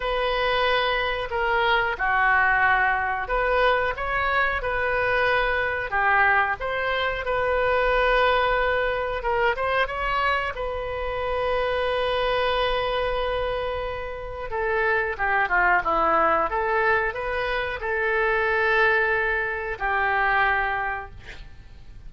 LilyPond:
\new Staff \with { instrumentName = "oboe" } { \time 4/4 \tempo 4 = 91 b'2 ais'4 fis'4~ | fis'4 b'4 cis''4 b'4~ | b'4 g'4 c''4 b'4~ | b'2 ais'8 c''8 cis''4 |
b'1~ | b'2 a'4 g'8 f'8 | e'4 a'4 b'4 a'4~ | a'2 g'2 | }